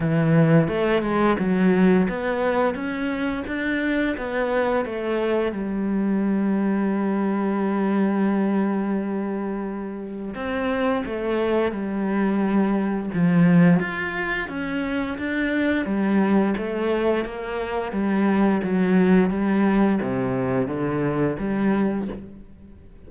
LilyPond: \new Staff \with { instrumentName = "cello" } { \time 4/4 \tempo 4 = 87 e4 a8 gis8 fis4 b4 | cis'4 d'4 b4 a4 | g1~ | g2. c'4 |
a4 g2 f4 | f'4 cis'4 d'4 g4 | a4 ais4 g4 fis4 | g4 c4 d4 g4 | }